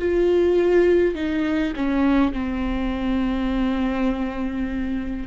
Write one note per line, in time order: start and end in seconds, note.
0.00 1.16 F4
1.16 1.74 D#4
1.76 2.34 C#4
2.34 5.28 C4